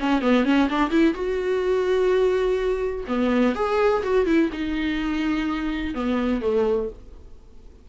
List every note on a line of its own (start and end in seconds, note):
0.00 0.21 C#4
0.21 0.45 B3
0.45 0.69 C#4
0.70 0.91 D4
0.91 1.14 E4
1.14 3.05 F#4
3.08 3.55 B3
3.55 4.03 G#4
4.03 4.26 F#4
4.26 4.50 E4
4.53 5.95 D#4
5.95 6.42 B3
6.42 6.89 A3